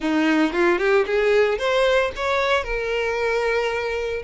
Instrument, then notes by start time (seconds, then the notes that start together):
violin
0.00 D#4
0.52 F4
0.78 G4
1.06 G#4
1.58 C5
2.16 C#5
2.63 A#4